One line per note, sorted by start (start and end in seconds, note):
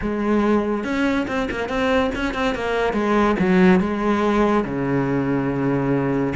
0.01 0.84 G#3
0.84 1.26 C#4
1.27 1.48 C4
1.50 1.68 A#3
1.68 2.10 C4
2.15 2.34 C#4
2.34 2.54 C4
2.54 2.93 A#3
2.93 3.35 G#3
3.39 3.79 F#3
3.79 4.64 G#3
4.64 6.33 C#3